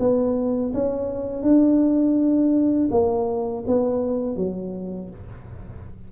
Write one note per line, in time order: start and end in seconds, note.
0.00 0.73 B3
0.74 1.43 C#4
1.43 2.89 D4
2.91 3.65 A#3
3.67 4.36 B3
4.36 5.10 F#3